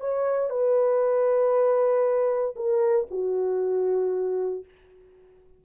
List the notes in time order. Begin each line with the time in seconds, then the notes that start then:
0.00 C#5
0.50 B4
2.56 A#4
3.10 F#4